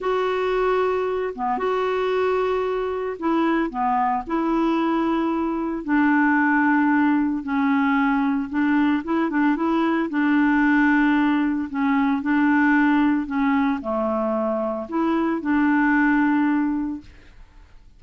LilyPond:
\new Staff \with { instrumentName = "clarinet" } { \time 4/4 \tempo 4 = 113 fis'2~ fis'8 b8 fis'4~ | fis'2 e'4 b4 | e'2. d'4~ | d'2 cis'2 |
d'4 e'8 d'8 e'4 d'4~ | d'2 cis'4 d'4~ | d'4 cis'4 a2 | e'4 d'2. | }